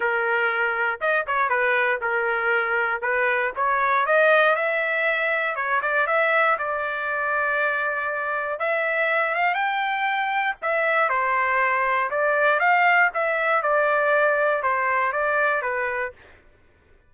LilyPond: \new Staff \with { instrumentName = "trumpet" } { \time 4/4 \tempo 4 = 119 ais'2 dis''8 cis''8 b'4 | ais'2 b'4 cis''4 | dis''4 e''2 cis''8 d''8 | e''4 d''2.~ |
d''4 e''4. f''8 g''4~ | g''4 e''4 c''2 | d''4 f''4 e''4 d''4~ | d''4 c''4 d''4 b'4 | }